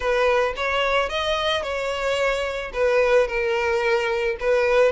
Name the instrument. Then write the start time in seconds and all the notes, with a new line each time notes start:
violin
0.00 B4
0.56 C#5
1.09 D#5
1.62 C#5
2.73 B4
3.27 A#4
4.40 B4